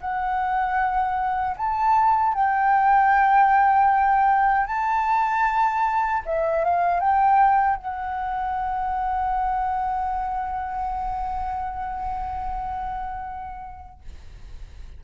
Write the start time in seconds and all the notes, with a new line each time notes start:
0.00 F#5
1.57 A5
2.34 G5
4.66 A5
6.25 E5
6.64 F5
7.00 G5
7.76 F#5